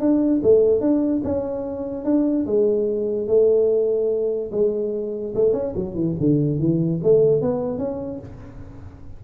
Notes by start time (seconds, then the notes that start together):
0.00 D4
0.43 A3
0.81 D4
1.24 C#4
2.05 D4
2.46 G#3
3.28 A3
4.52 G#3
5.35 A3
5.53 C#4
5.75 F#3
5.95 E3
6.20 D3
6.59 E3
7.03 A3
7.42 B3
7.79 C#4